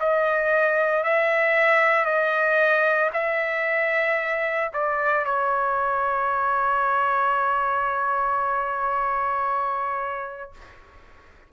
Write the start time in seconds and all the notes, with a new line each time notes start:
0.00 D#5
1.03 E5
2.05 D#5
3.13 E5
4.73 D5
5.25 C#5